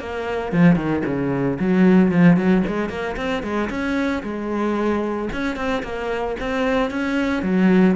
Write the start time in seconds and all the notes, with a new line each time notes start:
0.00 A#3
0.53 F3
0.76 D#3
1.05 C#3
1.60 F#3
2.11 F3
2.37 F#3
2.67 G#3
2.89 A#3
3.17 C4
3.43 G#3
3.70 C#4
4.23 G#3
5.33 C#4
5.56 C4
5.83 A#3
6.40 C4
6.91 C#4
7.43 F#3